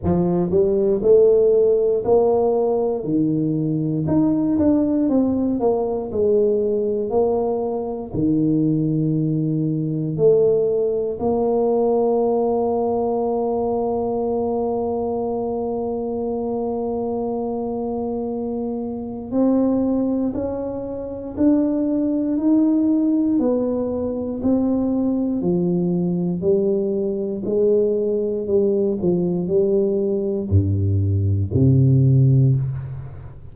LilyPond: \new Staff \with { instrumentName = "tuba" } { \time 4/4 \tempo 4 = 59 f8 g8 a4 ais4 dis4 | dis'8 d'8 c'8 ais8 gis4 ais4 | dis2 a4 ais4~ | ais1~ |
ais2. c'4 | cis'4 d'4 dis'4 b4 | c'4 f4 g4 gis4 | g8 f8 g4 g,4 c4 | }